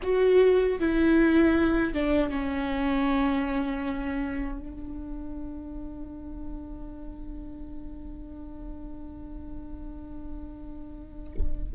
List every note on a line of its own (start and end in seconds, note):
0.02 0.79 F#4
0.79 1.93 E4
1.93 2.30 D4
2.30 4.59 C#4
4.59 11.70 D4